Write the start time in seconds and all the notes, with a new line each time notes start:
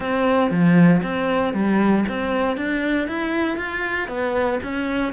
0.00 C4
0.50 F3
1.02 C4
1.53 G3
2.08 C4
2.56 D4
3.08 E4
3.57 F4
4.08 B3
4.63 C#4